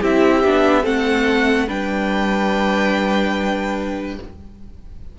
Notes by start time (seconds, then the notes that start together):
0.00 C4 E4 G4 E5
0.44 B3 D4
0.83 A3 C4 A4 F#5
1.68 G3 D4 B4 G5